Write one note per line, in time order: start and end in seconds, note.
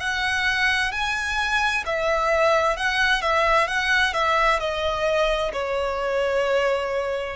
0.00 0.92 F#5
0.92 1.84 G#5
1.86 2.77 E5
2.77 3.22 F#5
3.22 3.67 E5
3.67 4.13 F#5
4.13 4.59 E5
4.59 5.52 D#5
5.53 7.36 C#5